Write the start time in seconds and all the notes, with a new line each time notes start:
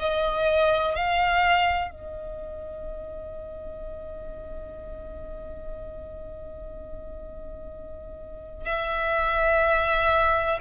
0.00 D#5
0.96 F5
1.91 D#5
8.66 E5